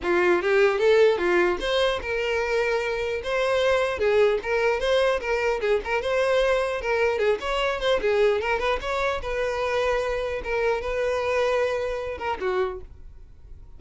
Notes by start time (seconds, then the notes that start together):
0.02 F4
0.41 G4
0.79 A4
1.18 F4
1.60 C5
2.01 A#4
3.23 C5
3.98 G#4
4.42 A#4
4.79 C5
5.20 A#4
5.60 G#4
5.84 A#4
6.01 C5
6.81 A#4
7.18 G#4
7.40 C#5
7.80 C5
8.01 G#4
8.41 A#4
8.59 B4
8.81 C#5
9.22 B4
10.43 A#4
10.81 B4
12.17 A#4
12.40 F#4